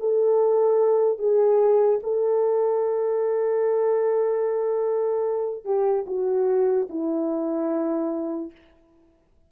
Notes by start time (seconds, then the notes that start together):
0.00 A4
1.19 G#4
2.03 A4
5.65 G4
6.07 F#4
6.90 E4